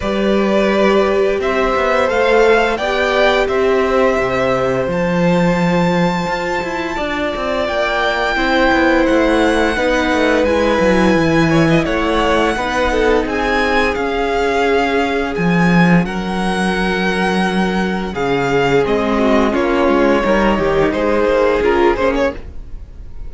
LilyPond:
<<
  \new Staff \with { instrumentName = "violin" } { \time 4/4 \tempo 4 = 86 d''2 e''4 f''4 | g''4 e''2 a''4~ | a''2. g''4~ | g''4 fis''2 gis''4~ |
gis''4 fis''2 gis''4 | f''2 gis''4 fis''4~ | fis''2 f''4 dis''4 | cis''2 c''4 ais'8 c''16 cis''16 | }
  \new Staff \with { instrumentName = "violin" } { \time 4/4 b'2 c''2 | d''4 c''2.~ | c''2 d''2 | c''2 b'2~ |
b'8 cis''16 dis''16 cis''4 b'8 a'8 gis'4~ | gis'2. ais'4~ | ais'2 gis'4. fis'8 | f'4 ais'8 g'8 gis'2 | }
  \new Staff \with { instrumentName = "viola" } { \time 4/4 g'2. a'4 | g'2. f'4~ | f'1 | e'2 dis'4 e'4~ |
e'2 dis'2 | cis'1~ | cis'2. c'4 | cis'4 dis'2 f'8 cis'8 | }
  \new Staff \with { instrumentName = "cello" } { \time 4/4 g2 c'8 b8 a4 | b4 c'4 c4 f4~ | f4 f'8 e'8 d'8 c'8 ais4 | c'8 b8 a4 b8 a8 gis8 fis8 |
e4 a4 b4 c'4 | cis'2 f4 fis4~ | fis2 cis4 gis4 | ais8 gis8 g8 dis8 gis8 ais8 cis'8 ais8 | }
>>